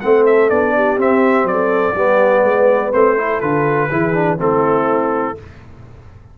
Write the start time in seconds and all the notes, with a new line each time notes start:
0.00 A3 C4 A4 F#5
0.26 E5
0.50 B3 D4 D5
0.76 G4
0.97 C4 E5
1.44 F#3 D5
1.51 A4
1.95 G3 B3 G4
2.43 G#3 B4
2.93 A3 C4 C5
3.17 E4 A4
3.40 D3 F4 B4
3.90 E3 E4 G#4
4.14 D4
4.38 A3 C4 E4 A4